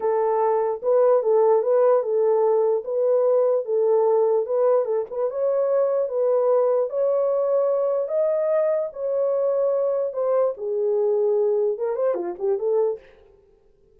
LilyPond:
\new Staff \with { instrumentName = "horn" } { \time 4/4 \tempo 4 = 148 a'2 b'4 a'4 | b'4 a'2 b'4~ | b'4 a'2 b'4 | a'8 b'8 cis''2 b'4~ |
b'4 cis''2. | dis''2 cis''2~ | cis''4 c''4 gis'2~ | gis'4 ais'8 c''8 f'8 g'8 a'4 | }